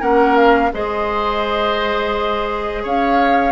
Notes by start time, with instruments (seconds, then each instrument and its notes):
0.00 bassoon A#3, clarinet C#4, oboe A#4, flute F#5
0.37 flute F5
0.73 bassoon G#3, clarinet G#4, oboe C5, flute D#5
2.83 bassoon C#4, oboe C#5, flute F5